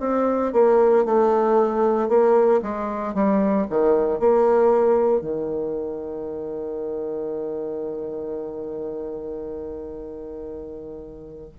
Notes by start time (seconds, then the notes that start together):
0.00 C4
0.53 A#3
1.05 A3
2.09 A#3
2.62 G#3
3.14 G3
3.70 D#3
4.20 A#3
5.21 D#3